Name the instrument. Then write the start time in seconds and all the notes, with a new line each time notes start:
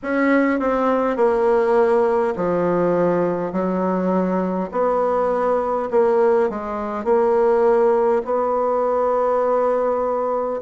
bassoon
0.02 C#4
0.59 C4
1.16 A#3
2.36 F3
3.52 F#3
4.71 B3
5.90 A#3
6.49 G#3
7.04 A#3
8.24 B3